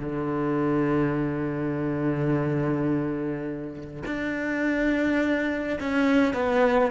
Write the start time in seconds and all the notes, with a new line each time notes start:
0.00 D3
4.06 D4
5.80 C#4
6.34 B3